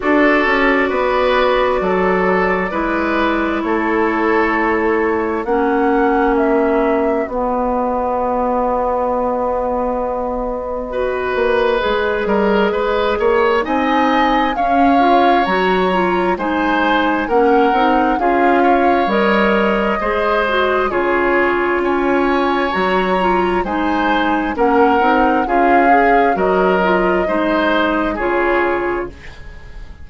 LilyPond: <<
  \new Staff \with { instrumentName = "flute" } { \time 4/4 \tempo 4 = 66 d''1 | cis''2 fis''4 e''4 | dis''1~ | dis''2. gis''4 |
f''4 ais''4 gis''4 fis''4 | f''4 dis''2 cis''4 | gis''4 ais''4 gis''4 fis''4 | f''4 dis''2 cis''4 | }
  \new Staff \with { instrumentName = "oboe" } { \time 4/4 a'4 b'4 a'4 b'4 | a'2 fis'2~ | fis'1 | b'4. ais'8 b'8 cis''8 dis''4 |
cis''2 c''4 ais'4 | gis'8 cis''4. c''4 gis'4 | cis''2 c''4 ais'4 | gis'4 ais'4 c''4 gis'4 | }
  \new Staff \with { instrumentName = "clarinet" } { \time 4/4 fis'2. e'4~ | e'2 cis'2 | b1 | fis'4 gis'2 dis'4 |
cis'8 f'8 fis'8 f'8 dis'4 cis'8 dis'8 | f'4 ais'4 gis'8 fis'8 f'4~ | f'4 fis'8 f'8 dis'4 cis'8 dis'8 | f'8 gis'8 fis'8 f'8 dis'4 f'4 | }
  \new Staff \with { instrumentName = "bassoon" } { \time 4/4 d'8 cis'8 b4 fis4 gis4 | a2 ais2 | b1~ | b8 ais8 gis8 g8 gis8 ais8 c'4 |
cis'4 fis4 gis4 ais8 c'8 | cis'4 g4 gis4 cis4 | cis'4 fis4 gis4 ais8 c'8 | cis'4 fis4 gis4 cis4 | }
>>